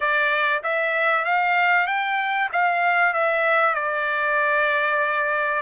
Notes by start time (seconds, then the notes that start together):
0.00 D5
0.63 E5
1.24 F5
1.86 G5
2.52 F5
3.13 E5
3.74 D5